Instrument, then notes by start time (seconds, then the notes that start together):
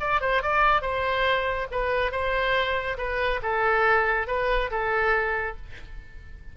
oboe
0.00 D5
0.21 C5
0.42 D5
0.82 C5
1.71 B4
2.11 C5
2.97 B4
3.42 A4
4.27 B4
4.71 A4